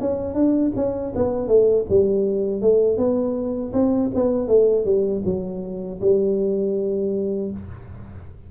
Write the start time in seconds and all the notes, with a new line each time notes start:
0.00 C#4
0.34 D4
0.76 C#4
1.15 B3
1.47 A3
1.89 G3
2.61 A3
2.97 B3
3.72 C4
4.14 B3
4.47 A3
4.84 G3
5.24 F#3
6.00 G3